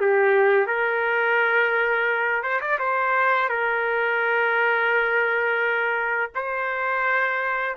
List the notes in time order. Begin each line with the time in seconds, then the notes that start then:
0.00 G4
0.67 A#4
2.43 C5
2.61 D5
2.79 C5
3.49 A#4
6.35 C5